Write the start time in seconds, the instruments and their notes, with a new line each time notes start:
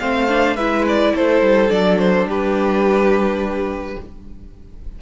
0.00 cello A3, viola C4, violin C5 F5
0.29 viola D4
0.56 cello G#3, viola E4, violin B4 E5
0.88 violin D5
1.15 cello A3, violin A4 C5
1.42 cello G3
1.69 cello F#3, viola D4, violin D5
1.99 violin C5
2.25 cello G3, violin G4 B4